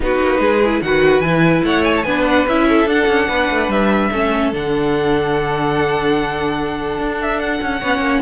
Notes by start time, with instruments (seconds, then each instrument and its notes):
0.00 cello B3, viola D#4, violin F#4 B4
0.21 cello A#3
0.39 cello G#3, violin G#4
0.65 viola E4
0.81 cello D#3, viola F#4, violin B4 F#5
1.20 cello E3, viola E4, violin G#5
1.63 cello A3, violin C#5 F#5
1.84 violin G#5
1.96 violin A5
2.03 cello B3, viola D4, violin B4 G#5
2.25 violin F#5
2.46 cello C#4, viola E4, violin E5
2.69 violin A4
2.86 cello D4, viola D4, violin F#5
3.07 cello C#4
3.28 cello B3, violin B4
3.50 cello A3
3.68 cello G3, violin E5
4.12 cello A3, viola C#4, violin A4
4.52 cello D3, viola D4, violin F#5
6.98 cello D4
7.22 violin E5
7.39 violin F#5
7.61 cello C#4
7.80 cello B3, viola C#4, violin C#5
7.98 cello A#3